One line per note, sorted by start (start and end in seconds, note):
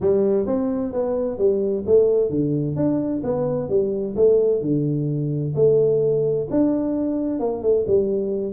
0.00 0.46 G3
0.46 0.92 C4
0.93 1.38 B3
1.38 1.84 G3
1.86 2.30 A3
2.30 2.76 D3
2.76 3.22 D4
3.23 3.69 B3
3.69 4.15 G3
4.16 4.61 A3
4.61 5.53 D3
5.55 6.47 A3
6.50 7.39 D4
7.39 7.62 A#3
7.62 7.85 A3
7.87 8.53 G3